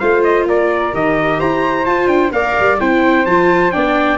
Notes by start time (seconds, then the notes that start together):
0.00 A3 F4 C5 F5
0.24 D#5
0.46 A#3 A#4 D5
0.93 D#3 G4 D#5
1.39 E4 C5 A#5
1.86 F4 A5
2.07 D4 G5
2.32 A#3 A#4 D5 F5
2.60 G3
2.80 C4 E4 C5 G5
3.25 F3 F4 A5
3.72 B3 D4 D5 G5